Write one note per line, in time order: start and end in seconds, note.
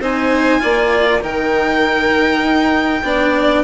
0.00 0.61 C4
0.00 0.60 D#4
0.00 0.62 C5
0.00 1.24 G#5
0.60 1.23 A#3
0.60 1.21 F4
0.60 1.22 D5
1.22 2.43 D#3
1.22 3.03 D#4
1.22 3.04 A#4
1.22 3.65 G5
2.43 3.04 D#4
3.04 3.64 B3
3.04 3.65 D4
3.04 3.65 D5